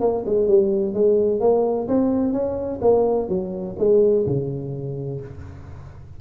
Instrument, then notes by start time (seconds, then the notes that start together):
tuba
0.00 A#3
0.26 G#3
0.47 G3
0.94 G#3
1.40 A#3
1.88 C4
2.32 C#4
2.81 A#3
3.28 F#3
3.78 G#3
4.26 C#3